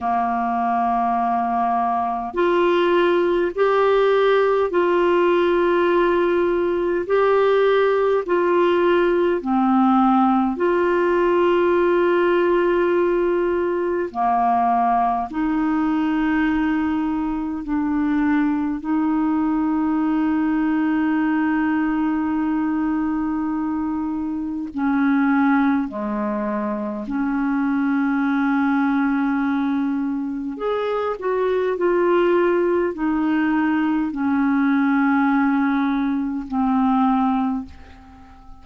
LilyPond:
\new Staff \with { instrumentName = "clarinet" } { \time 4/4 \tempo 4 = 51 ais2 f'4 g'4 | f'2 g'4 f'4 | c'4 f'2. | ais4 dis'2 d'4 |
dis'1~ | dis'4 cis'4 gis4 cis'4~ | cis'2 gis'8 fis'8 f'4 | dis'4 cis'2 c'4 | }